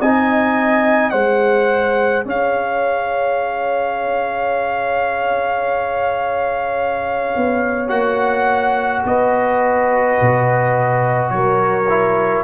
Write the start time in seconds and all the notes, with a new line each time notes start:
0.00 C4 D#4 D#5 G#5
1.11 G#3 G#4 C5 F#5
2.25 C#4 C#5 F5
7.37 B3
7.88 A#3 F#4 F#5
9.05 B3 B4 D#5
10.21 B2
11.30 F#3 A#4 C#5
11.90 E4